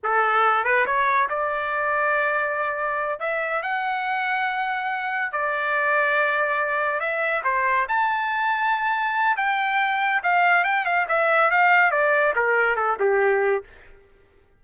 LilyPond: \new Staff \with { instrumentName = "trumpet" } { \time 4/4 \tempo 4 = 141 a'4. b'8 cis''4 d''4~ | d''2.~ d''8 e''8~ | e''8 fis''2.~ fis''8~ | fis''8 d''2.~ d''8~ |
d''8 e''4 c''4 a''4.~ | a''2 g''2 | f''4 g''8 f''8 e''4 f''4 | d''4 ais'4 a'8 g'4. | }